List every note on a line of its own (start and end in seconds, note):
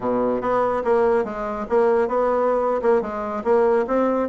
0.00 0.41 B2
0.41 0.83 B3
0.84 1.24 A#3
1.24 1.66 G#3
1.69 2.08 A#3
2.08 2.81 B3
2.82 3.01 A#3
3.01 3.43 G#3
3.43 3.85 A#3
3.87 4.28 C4